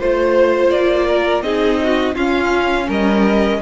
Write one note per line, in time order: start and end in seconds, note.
0.00 0.72 A3
0.00 1.44 F4
0.00 0.71 C5
0.00 1.07 C5
0.71 1.42 A#3
0.71 1.43 D5
1.07 1.44 A#4
1.42 2.15 C4
1.42 2.16 D#4
1.42 1.80 G#4
1.42 2.15 D#5
1.84 2.15 F#4
2.15 2.88 C#4
2.15 3.62 C#4
2.15 2.87 F4
2.15 2.89 F5
2.87 3.61 G3
2.87 3.60 A#4
2.87 3.62 D#5